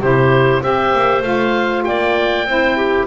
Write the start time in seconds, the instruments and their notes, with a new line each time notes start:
0.00 double bass C3, saxophone E4, clarinet G4, oboe C5
0.62 double bass C4, saxophone G4, clarinet C5, oboe E5
0.93 double bass A#3
1.22 double bass A3, saxophone F4, oboe F5
1.84 double bass A#3, clarinet D5, oboe G5
2.45 double bass C4, saxophone E4, clarinet C5
2.77 clarinet G4